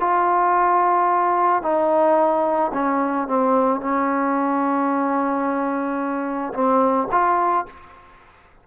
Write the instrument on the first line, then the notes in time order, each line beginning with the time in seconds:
trombone
0.00 F4
1.62 D#4
2.73 C#4
3.28 C4
3.81 C#4
6.54 C4
7.12 F4